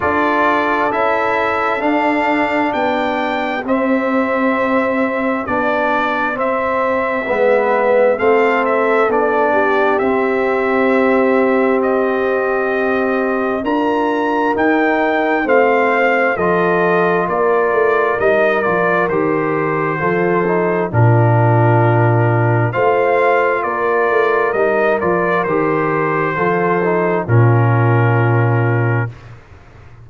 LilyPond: <<
  \new Staff \with { instrumentName = "trumpet" } { \time 4/4 \tempo 4 = 66 d''4 e''4 f''4 g''4 | e''2 d''4 e''4~ | e''4 f''8 e''8 d''4 e''4~ | e''4 dis''2 ais''4 |
g''4 f''4 dis''4 d''4 | dis''8 d''8 c''2 ais'4~ | ais'4 f''4 d''4 dis''8 d''8 | c''2 ais'2 | }
  \new Staff \with { instrumentName = "horn" } { \time 4/4 a'2. g'4~ | g'1 | b'4 a'4. g'4.~ | g'2. ais'4~ |
ais'4 c''4 a'4 ais'4~ | ais'2 a'4 f'4~ | f'4 c''4 ais'2~ | ais'4 a'4 f'2 | }
  \new Staff \with { instrumentName = "trombone" } { \time 4/4 f'4 e'4 d'2 | c'2 d'4 c'4 | b4 c'4 d'4 c'4~ | c'2. f'4 |
dis'4 c'4 f'2 | dis'8 f'8 g'4 f'8 dis'8 d'4~ | d'4 f'2 dis'8 f'8 | g'4 f'8 dis'8 cis'2 | }
  \new Staff \with { instrumentName = "tuba" } { \time 4/4 d'4 cis'4 d'4 b4 | c'2 b4 c'4 | gis4 a4 b4 c'4~ | c'2. d'4 |
dis'4 a4 f4 ais8 a8 | g8 f8 dis4 f4 ais,4~ | ais,4 a4 ais8 a8 g8 f8 | dis4 f4 ais,2 | }
>>